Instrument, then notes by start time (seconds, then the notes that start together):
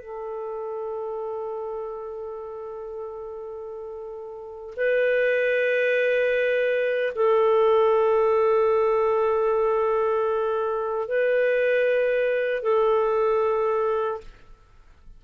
clarinet
0.00 A4
4.76 B4
7.15 A4
11.08 B4
12.62 A4